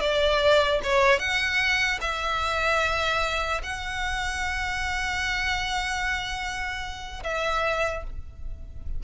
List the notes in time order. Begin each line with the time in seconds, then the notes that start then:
0.00 D5
0.83 C#5
1.19 F#5
2.01 E5
3.63 F#5
7.23 E5